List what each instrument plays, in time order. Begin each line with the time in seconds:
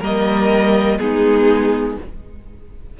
0.00 cello G3, viola A#3, violin A#4 D#5
0.98 cello G#3, viola B3, violin D#4 G#4